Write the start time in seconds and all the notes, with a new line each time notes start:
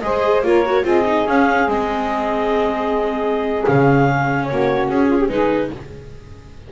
0.00 G#3 G#4 C5 D#5
0.42 A#3 F4 A#4 C#5
0.65 F#4
0.83 C4 F4 G#4 D#5
1.05 D#4
1.26 C#4 F5
1.67 G#3 C4 D#5
3.66 C#3 C#4 F5
4.45 F#4 C#5
4.51 A#3
4.88 C#4 G#4
5.08 F4
5.19 G4
5.28 G#3 D#4 G#4 B4